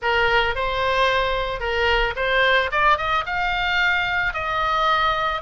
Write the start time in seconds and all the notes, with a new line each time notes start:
0.02 A#4
0.55 C5
1.59 A#4
2.16 C5
2.71 D5
2.97 D#5
3.26 F5
4.33 D#5